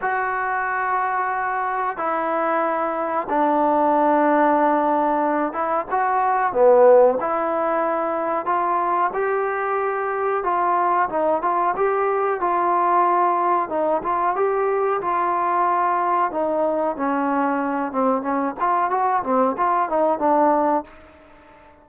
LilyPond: \new Staff \with { instrumentName = "trombone" } { \time 4/4 \tempo 4 = 92 fis'2. e'4~ | e'4 d'2.~ | d'8 e'8 fis'4 b4 e'4~ | e'4 f'4 g'2 |
f'4 dis'8 f'8 g'4 f'4~ | f'4 dis'8 f'8 g'4 f'4~ | f'4 dis'4 cis'4. c'8 | cis'8 f'8 fis'8 c'8 f'8 dis'8 d'4 | }